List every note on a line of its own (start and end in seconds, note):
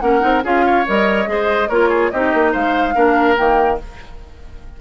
0.00 0.22 A#3
0.00 0.20 C#4
0.00 0.44 A#4
0.00 0.42 F#5
0.20 0.44 C4
0.20 0.41 D#4
0.44 0.86 C#4
0.44 0.86 F4
0.44 0.65 G#4
0.44 0.87 F5
0.66 1.29 C#5
0.86 1.27 G3
0.86 1.26 A#4
0.86 1.69 D#5
1.26 1.69 G#3
1.26 1.68 G#4
1.26 1.69 C5
1.69 2.11 A#3
1.69 2.13 F4
1.69 1.89 A#4
1.69 2.11 C#5
1.89 2.10 G#4
2.11 2.34 C4
2.11 2.94 D#4
2.11 2.52 G4
2.11 2.53 D#5
2.34 2.55 A#3
2.52 2.96 G#3
2.52 2.94 C5
2.52 3.36 F5
2.94 3.37 A#3
2.94 3.36 D4
2.94 3.79 A#4
3.36 3.81 D#3
3.36 3.79 A#3
3.36 3.78 G5